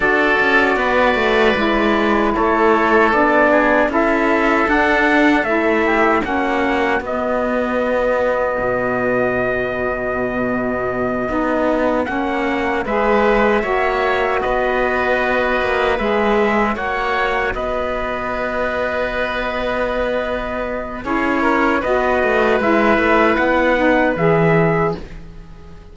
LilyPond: <<
  \new Staff \with { instrumentName = "trumpet" } { \time 4/4 \tempo 4 = 77 d''2. cis''4 | d''4 e''4 fis''4 e''4 | fis''4 dis''2.~ | dis''2.~ dis''8 fis''8~ |
fis''8 e''2 dis''4.~ | dis''8 e''4 fis''4 dis''4.~ | dis''2. cis''4 | dis''4 e''4 fis''4 e''4 | }
  \new Staff \with { instrumentName = "oboe" } { \time 4/4 a'4 b'2 a'4~ | a'8 gis'8 a'2~ a'8 g'8 | fis'1~ | fis'1~ |
fis'8 b'4 cis''4 b'4.~ | b'4. cis''4 b'4.~ | b'2. gis'8 ais'8 | b'1 | }
  \new Staff \with { instrumentName = "saxophone" } { \time 4/4 fis'2 e'2 | d'4 e'4 d'4 e'4 | cis'4 b2.~ | b2~ b8 dis'4 cis'8~ |
cis'8 gis'4 fis'2~ fis'8~ | fis'8 gis'4 fis'2~ fis'8~ | fis'2. e'4 | fis'4 e'4. dis'8 gis'4 | }
  \new Staff \with { instrumentName = "cello" } { \time 4/4 d'8 cis'8 b8 a8 gis4 a4 | b4 cis'4 d'4 a4 | ais4 b2 b,4~ | b,2~ b,8 b4 ais8~ |
ais8 gis4 ais4 b4. | ais8 gis4 ais4 b4.~ | b2. cis'4 | b8 a8 gis8 a8 b4 e4 | }
>>